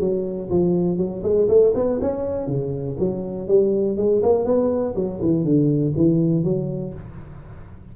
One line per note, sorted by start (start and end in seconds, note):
0.00 0.50 F#3
0.50 0.98 F3
0.98 1.22 F#3
1.23 1.48 G#3
1.48 1.73 A3
1.75 2.00 B3
2.01 2.47 C#4
2.47 2.97 C#3
2.99 3.48 F#3
3.48 3.97 G3
3.97 4.22 G#3
4.23 4.45 A#3
4.45 4.95 B3
4.96 5.20 F#3
5.21 5.44 E3
5.44 5.94 D3
5.96 6.44 E3
6.44 6.93 F#3